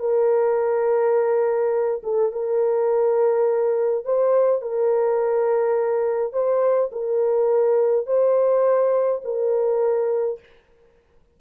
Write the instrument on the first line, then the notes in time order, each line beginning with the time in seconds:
horn
0.00 A#4
2.03 A4
2.32 A#4
4.05 C5
4.62 A#4
6.33 C5
6.92 A#4
8.06 C5
9.24 A#4